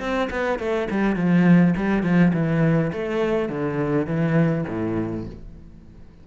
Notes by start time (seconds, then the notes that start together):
0.00 C4
0.30 B3
0.59 A3
0.91 G3
1.16 F3
1.77 G3
2.03 F3
2.34 E3
2.93 A3
3.49 D3
4.07 E3
4.68 A2